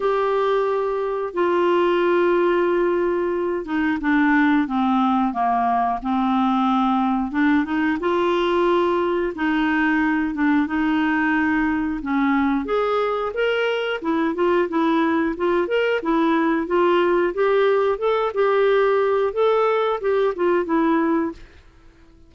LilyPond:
\new Staff \with { instrumentName = "clarinet" } { \time 4/4 \tempo 4 = 90 g'2 f'2~ | f'4. dis'8 d'4 c'4 | ais4 c'2 d'8 dis'8 | f'2 dis'4. d'8 |
dis'2 cis'4 gis'4 | ais'4 e'8 f'8 e'4 f'8 ais'8 | e'4 f'4 g'4 a'8 g'8~ | g'4 a'4 g'8 f'8 e'4 | }